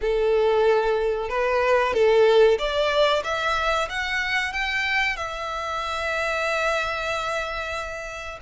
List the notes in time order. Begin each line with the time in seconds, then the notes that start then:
0.01 A4
1.29 B4
1.93 A4
2.58 D5
3.24 E5
3.89 F#5
4.52 G5
5.16 E5